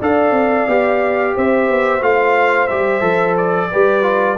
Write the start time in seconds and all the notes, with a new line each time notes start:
0.00 D4 A4 D5 F5
0.31 C4
0.68 B3 G4
1.35 C4 C5 E5
1.70 B3
2.01 A3 F4 F5
2.68 G3 G4 E5
3.01 F3 A4
3.38 D5
3.71 G3 G4 B4
4.03 F4